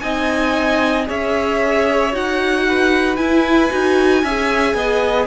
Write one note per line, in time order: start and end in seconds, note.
0.00 1.08 C4
0.00 1.06 D#4
0.00 1.08 D#5
0.00 1.05 G#5
1.06 2.13 C#4
1.06 2.11 G#4
1.06 2.66 C#5
1.06 2.15 E5
2.12 3.17 D#4
2.12 3.17 F#4
2.12 3.16 F#5
2.68 4.23 B4
3.16 3.70 E4
3.16 3.71 E4
3.16 5.27 G#5
3.71 4.24 D#4
3.71 4.24 F#4
4.23 4.74 C#4
4.23 5.27 G#4
4.23 4.76 E5
4.74 5.27 B3
4.74 5.27 D#5